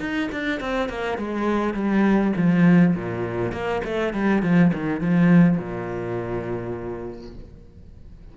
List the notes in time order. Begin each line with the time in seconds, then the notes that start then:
0.00 D#4
0.32 D4
0.60 C4
0.89 A#3
1.18 G#3
1.74 G3
2.36 F3
2.96 A#2
3.52 A#3
3.84 A3
4.14 G3
4.43 F3
4.74 D#3
5.01 F3
5.58 A#2